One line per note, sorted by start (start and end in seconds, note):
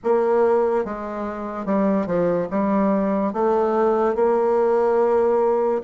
0.03 0.84 A#3
0.84 1.65 G#3
1.65 2.06 G3
2.06 2.48 F3
2.50 3.33 G3
3.33 4.15 A3
4.15 5.81 A#3